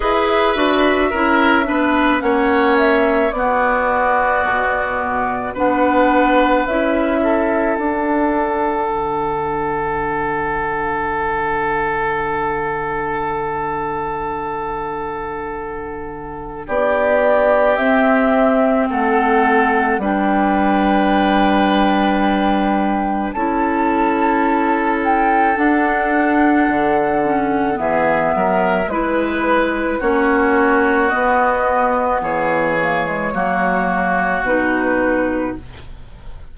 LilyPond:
<<
  \new Staff \with { instrumentName = "flute" } { \time 4/4 \tempo 4 = 54 e''2 fis''8 e''8 d''4~ | d''4 fis''4 e''4 fis''4~ | fis''1~ | fis''2. d''4 |
e''4 fis''4 g''2~ | g''4 a''4. g''8 fis''4~ | fis''4 e''4 b'4 cis''4 | dis''4 cis''2 b'4 | }
  \new Staff \with { instrumentName = "oboe" } { \time 4/4 b'4 ais'8 b'8 cis''4 fis'4~ | fis'4 b'4. a'4.~ | a'1~ | a'2. g'4~ |
g'4 a'4 b'2~ | b'4 a'2.~ | a'4 gis'8 ais'8 b'4 fis'4~ | fis'4 gis'4 fis'2 | }
  \new Staff \with { instrumentName = "clarinet" } { \time 4/4 gis'8 fis'8 e'8 d'8 cis'4 b4~ | b4 d'4 e'4 d'4~ | d'1~ | d'1 |
c'2 d'2~ | d'4 e'2 d'4~ | d'8 cis'8 b4 e'4 cis'4 | b4. ais16 gis16 ais4 dis'4 | }
  \new Staff \with { instrumentName = "bassoon" } { \time 4/4 e'8 d'8 cis'8 b8 ais4 b4 | b,4 b4 cis'4 d'4 | d1~ | d2. b4 |
c'4 a4 g2~ | g4 cis'2 d'4 | d4 e8 fis8 gis4 ais4 | b4 e4 fis4 b,4 | }
>>